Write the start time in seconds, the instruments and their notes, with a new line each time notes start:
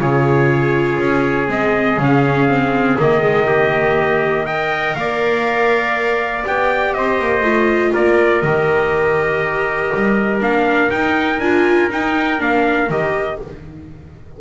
0.00 double bass C#3, viola F4, trumpet G#4 C#5
1.00 double bass C#4
1.48 double bass G#3, viola C4, trumpet D#5
1.98 double bass C#3, viola C#4, trumpet F5
2.49 viola C4
2.98 double bass D#3, viola A#3, trumpet D#5
3.21 viola G#3
3.47 viola A#3, trumpet G4
4.47 viola A#4, trumpet D#5 G5
4.96 double bass A#3, trumpet D5 F5
6.46 double bass B3, viola G4, trumpet G5
6.94 double bass C4, trumpet C5 D#5
7.20 double bass A#3
7.42 double bass A3, viola F4
7.93 double bass A#3, trumpet A#4 D5
8.42 double bass D#3, viola G4, trumpet D#5
9.95 double bass G3
10.41 double bass A#3, viola D4, trumpet F5
10.91 viola D#4, double bass D#4, trumpet G5
11.40 double bass D4, viola F4, trumpet G#5
11.91 viola D#4, double bass D#4, trumpet G5
12.39 double bass A#3, viola D4, trumpet F5
12.90 double bass D#3, viola G4, trumpet D#5